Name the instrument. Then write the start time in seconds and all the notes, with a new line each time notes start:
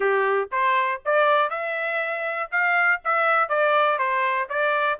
trumpet
0.00 G4
0.51 C5
1.05 D5
1.50 E5
2.51 F5
3.04 E5
3.49 D5
3.98 C5
4.49 D5